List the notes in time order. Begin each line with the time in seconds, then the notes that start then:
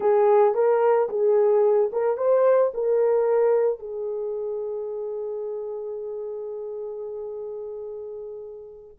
0.00 G#4
0.54 A#4
1.09 G#4
1.92 A#4
2.17 C5
2.73 A#4
3.79 G#4